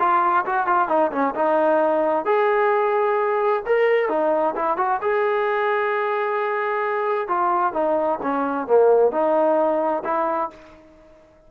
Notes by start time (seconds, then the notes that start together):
0.00 F4
0.46 F#4
0.67 F4
0.89 D#4
1.12 C#4
1.35 D#4
2.26 G#4
3.66 A#4
4.09 D#4
4.56 E4
4.78 F#4
5.02 G#4
7.28 F4
7.74 D#4
8.23 C#4
8.68 A#3
9.12 D#4
10.05 E4